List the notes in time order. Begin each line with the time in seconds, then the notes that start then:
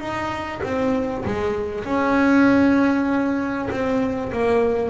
0.00 D#4
0.63 C4
1.25 G#3
1.85 C#4
3.71 C4
4.32 A#3